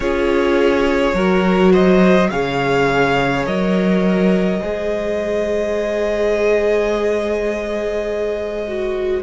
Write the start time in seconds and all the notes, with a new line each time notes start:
0.00 C#4 F4 G#4 C#5
1.13 F#3 F#4 A#4
1.72 C5 D#5
2.30 C#3 G#4 C#5 F5
3.45 F#3 A#4 D#5
4.60 G#3 G#4 C5
8.68 F#4